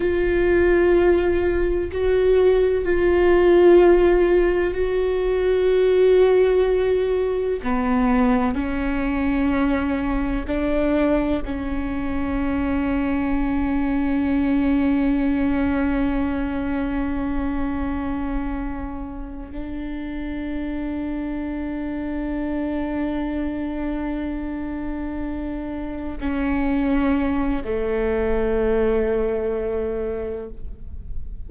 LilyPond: \new Staff \with { instrumentName = "viola" } { \time 4/4 \tempo 4 = 63 f'2 fis'4 f'4~ | f'4 fis'2. | b4 cis'2 d'4 | cis'1~ |
cis'1~ | cis'8 d'2.~ d'8~ | d'2.~ d'8 cis'8~ | cis'4 a2. | }